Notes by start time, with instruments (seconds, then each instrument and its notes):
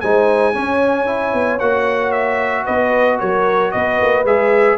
0.00 tuba G#3, trombone D#4, horn C5, trumpet G#5
0.53 trombone C#4, tuba C#4, horn C#5
1.06 trombone E4
1.33 tuba B3
1.59 tuba A#3, trombone F#4, trumpet F#5
2.12 trumpet E5
2.64 tuba B3, horn B4, trumpet D#5
3.19 tuba F#3, horn A#4, trumpet C#5
3.71 tuba B3, horn B4, trumpet D#5
4.01 tuba A#3
4.24 tuba G#3, trombone G#4, trumpet E5